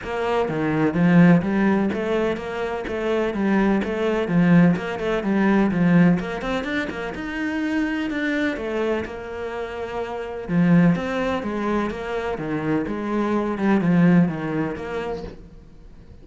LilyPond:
\new Staff \with { instrumentName = "cello" } { \time 4/4 \tempo 4 = 126 ais4 dis4 f4 g4 | a4 ais4 a4 g4 | a4 f4 ais8 a8 g4 | f4 ais8 c'8 d'8 ais8 dis'4~ |
dis'4 d'4 a4 ais4~ | ais2 f4 c'4 | gis4 ais4 dis4 gis4~ | gis8 g8 f4 dis4 ais4 | }